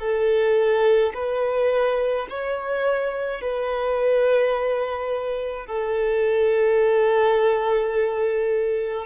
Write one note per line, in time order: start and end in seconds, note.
0.00 1.13 A4
1.14 2.27 B4
2.30 3.41 C#5
3.41 5.67 B4
5.67 9.06 A4